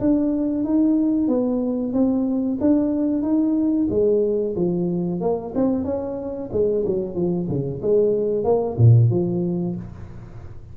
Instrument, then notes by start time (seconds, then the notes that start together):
tuba
0.00 D4
0.64 D#4
1.28 B3
1.93 C4
2.61 D4
3.22 D#4
3.90 G#3
4.56 F3
5.21 A#3
5.55 C4
5.84 C#4
6.52 G#3
6.86 F#3
7.15 F3
7.48 C#3
7.81 G#3
8.44 A#3
8.77 A#2
9.10 F3